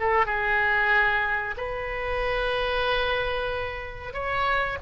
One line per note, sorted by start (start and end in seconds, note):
0.00 0.26 A4
0.26 1.55 G#4
1.57 4.13 B4
4.13 4.78 C#5